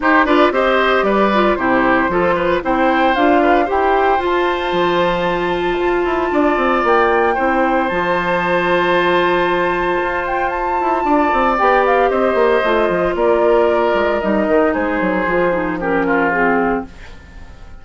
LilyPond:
<<
  \new Staff \with { instrumentName = "flute" } { \time 4/4 \tempo 4 = 114 c''8 d''8 dis''4 d''4 c''4~ | c''4 g''4 f''4 g''4 | a''1~ | a''4 g''2 a''4~ |
a''2.~ a''8 g''8 | a''2 g''8 f''8 dis''4~ | dis''4 d''2 dis''4 | c''2 ais'4 gis'4 | }
  \new Staff \with { instrumentName = "oboe" } { \time 4/4 g'8 b'8 c''4 b'4 g'4 | a'8 b'8 c''4. b'8 c''4~ | c''1 | d''2 c''2~ |
c''1~ | c''4 d''2 c''4~ | c''4 ais'2. | gis'2 g'8 f'4. | }
  \new Staff \with { instrumentName = "clarinet" } { \time 4/4 dis'8 f'8 g'4. f'8 e'4 | f'4 e'4 f'4 g'4 | f'1~ | f'2 e'4 f'4~ |
f'1~ | f'2 g'2 | f'2. dis'4~ | dis'4 f'8 dis'8 cis'4 c'4 | }
  \new Staff \with { instrumentName = "bassoon" } { \time 4/4 dis'8 d'8 c'4 g4 c4 | f4 c'4 d'4 e'4 | f'4 f2 f'8 e'8 | d'8 c'8 ais4 c'4 f4~ |
f2. f'4~ | f'8 e'8 d'8 c'8 b4 c'8 ais8 | a8 f8 ais4. gis8 g8 dis8 | gis8 fis8 f2. | }
>>